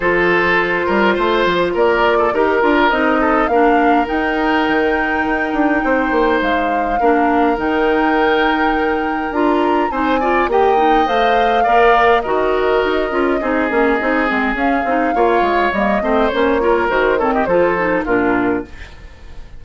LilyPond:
<<
  \new Staff \with { instrumentName = "flute" } { \time 4/4 \tempo 4 = 103 c''2. d''4 | ais'4 dis''4 f''4 g''4~ | g''2. f''4~ | f''4 g''2. |
ais''4 gis''4 g''4 f''4~ | f''4 dis''2.~ | dis''4 f''2 dis''4 | cis''4 c''8 cis''16 dis''16 c''4 ais'4 | }
  \new Staff \with { instrumentName = "oboe" } { \time 4/4 a'4. ais'8 c''4 ais'8. a'16 | ais'4. a'8 ais'2~ | ais'2 c''2 | ais'1~ |
ais'4 c''8 d''8 dis''2 | d''4 ais'2 gis'4~ | gis'2 cis''4. c''8~ | c''8 ais'4 a'16 g'16 a'4 f'4 | }
  \new Staff \with { instrumentName = "clarinet" } { \time 4/4 f'1 | g'8 f'8 dis'4 d'4 dis'4~ | dis'1 | d'4 dis'2. |
f'4 dis'8 f'8 g'8 dis'8 c''4 | ais'4 fis'4. f'8 dis'8 cis'8 | dis'8 c'8 cis'8 dis'8 f'4 ais8 c'8 | cis'8 f'8 fis'8 c'8 f'8 dis'8 d'4 | }
  \new Staff \with { instrumentName = "bassoon" } { \time 4/4 f4. g8 a8 f8 ais4 | dis'8 d'8 c'4 ais4 dis'4 | dis4 dis'8 d'8 c'8 ais8 gis4 | ais4 dis2. |
d'4 c'4 ais4 a4 | ais4 dis4 dis'8 cis'8 c'8 ais8 | c'8 gis8 cis'8 c'8 ais8 gis8 g8 a8 | ais4 dis4 f4 ais,4 | }
>>